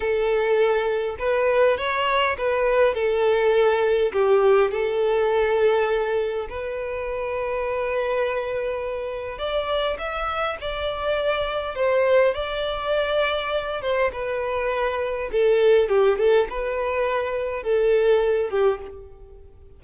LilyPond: \new Staff \with { instrumentName = "violin" } { \time 4/4 \tempo 4 = 102 a'2 b'4 cis''4 | b'4 a'2 g'4 | a'2. b'4~ | b'1 |
d''4 e''4 d''2 | c''4 d''2~ d''8 c''8 | b'2 a'4 g'8 a'8 | b'2 a'4. g'8 | }